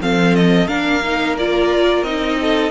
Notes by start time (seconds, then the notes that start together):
0.00 F3 C4 A4 F5
0.35 D#5
0.67 A#3 D4 A#4 F5
1.03 D#4
1.37 F4 D5
2.02 C4 D#4 D#5
2.41 A4